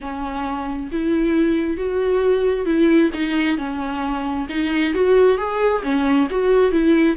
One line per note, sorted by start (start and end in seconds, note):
0.00 0.90 C#4
0.91 1.77 E4
1.77 2.65 F#4
2.65 3.10 E4
3.13 3.57 D#4
3.57 4.47 C#4
4.49 4.93 D#4
4.93 5.37 F#4
5.37 5.82 G#4
5.82 6.27 C#4
6.30 6.71 F#4
6.71 7.16 E4